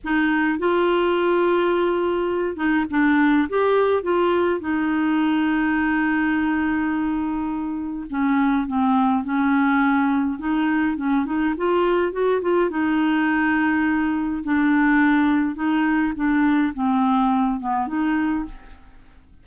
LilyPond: \new Staff \with { instrumentName = "clarinet" } { \time 4/4 \tempo 4 = 104 dis'4 f'2.~ | f'8 dis'8 d'4 g'4 f'4 | dis'1~ | dis'2 cis'4 c'4 |
cis'2 dis'4 cis'8 dis'8 | f'4 fis'8 f'8 dis'2~ | dis'4 d'2 dis'4 | d'4 c'4. b8 dis'4 | }